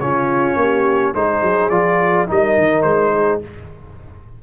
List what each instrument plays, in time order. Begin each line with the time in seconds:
0.00 tuba C#3, trombone C#4, horn F4, trumpet C#5
0.56 tuba A#3, horn G4
1.15 tuba G#3, trombone D#4, horn G#4, trumpet C5
1.42 tuba F#3
1.70 tuba F3, trombone F4, trumpet D5
2.28 tuba G3, trombone D#4, horn A#4, trumpet D#5
2.58 tuba D#3
2.83 tuba G#3, trumpet C5
3.14 horn G#4